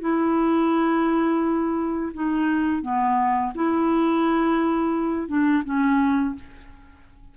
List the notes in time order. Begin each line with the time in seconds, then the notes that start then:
0.00 E4
2.13 D#4
2.82 B3
3.55 E4
5.27 D4
5.64 C#4